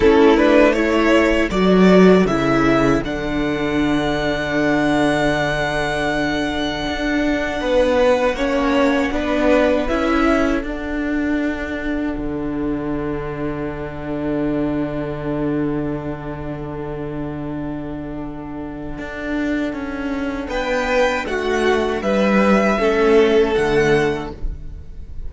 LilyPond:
<<
  \new Staff \with { instrumentName = "violin" } { \time 4/4 \tempo 4 = 79 a'8 b'8 cis''4 d''4 e''4 | fis''1~ | fis''1~ | fis''4 e''4 fis''2~ |
fis''1~ | fis''1~ | fis''2. g''4 | fis''4 e''2 fis''4 | }
  \new Staff \with { instrumentName = "violin" } { \time 4/4 e'4 a'2.~ | a'1~ | a'2 b'4 cis''4 | b'4. a'2~ a'8~ |
a'1~ | a'1~ | a'2. b'4 | fis'4 b'4 a'2 | }
  \new Staff \with { instrumentName = "viola" } { \time 4/4 cis'8 d'8 e'4 fis'4 e'4 | d'1~ | d'2. cis'4 | d'4 e'4 d'2~ |
d'1~ | d'1~ | d'1~ | d'2 cis'4 a4 | }
  \new Staff \with { instrumentName = "cello" } { \time 4/4 a2 fis4 cis4 | d1~ | d4 d'4 b4 ais4 | b4 cis'4 d'2 |
d1~ | d1~ | d4 d'4 cis'4 b4 | a4 g4 a4 d4 | }
>>